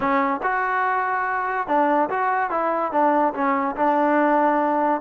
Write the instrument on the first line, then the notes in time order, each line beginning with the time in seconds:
trombone
0.00 C#4
0.42 F#4
1.67 D4
2.09 F#4
2.50 E4
2.92 D4
3.34 C#4
3.76 D4